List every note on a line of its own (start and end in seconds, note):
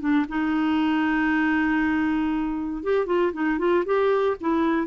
0.00 0.26 D4
0.29 2.83 D#4
2.83 3.06 G4
3.06 3.32 F4
3.33 3.59 D#4
3.59 3.84 F4
3.86 4.37 G4
4.41 4.87 E4